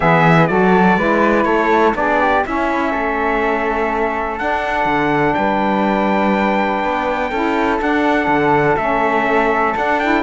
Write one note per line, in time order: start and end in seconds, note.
0.00 0.50 E3
0.00 0.49 B3
0.00 0.48 G#4
0.00 0.46 E5
0.46 0.97 F#3
0.46 0.98 F#4
0.46 0.98 A4
0.46 1.44 D5
0.97 1.45 G#3
0.97 1.93 E4
0.97 1.46 B4
1.44 1.94 A3
1.44 1.95 A4
1.44 1.92 C#5
1.93 2.44 B3
1.93 2.42 D4
1.93 2.21 G#4
1.93 2.44 D5
2.21 2.45 G4
2.45 4.38 C#4
2.45 2.93 C#4
2.45 2.91 E4
2.45 4.38 E5
2.91 4.40 A3
2.91 5.35 A4
4.38 7.31 D4
4.38 4.85 D4
4.38 5.34 F#5
4.85 5.34 D3
5.34 6.84 G3
5.34 7.30 B4
5.34 7.78 G5
6.84 7.31 B3
7.30 7.80 C#4
7.30 7.80 E4
7.30 10.22 A4
7.80 8.77 D4
7.80 8.27 D4
7.80 8.76 F#5
8.27 8.76 D3
8.76 9.74 A3
8.76 9.76 C#4
8.76 9.74 E5
9.76 10.00 D4
9.76 10.22 D4
9.76 9.99 F#5
9.99 10.22 E4
9.99 10.22 G5